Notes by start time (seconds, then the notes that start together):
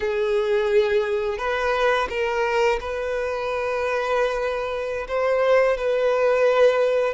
0.00 G#4
1.38 B4
2.09 A#4
2.80 B4
5.08 C5
5.77 B4